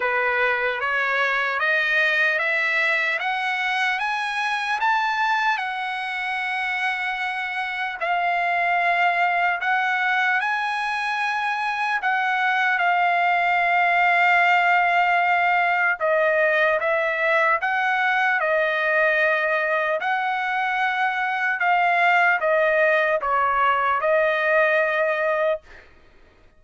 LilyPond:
\new Staff \with { instrumentName = "trumpet" } { \time 4/4 \tempo 4 = 75 b'4 cis''4 dis''4 e''4 | fis''4 gis''4 a''4 fis''4~ | fis''2 f''2 | fis''4 gis''2 fis''4 |
f''1 | dis''4 e''4 fis''4 dis''4~ | dis''4 fis''2 f''4 | dis''4 cis''4 dis''2 | }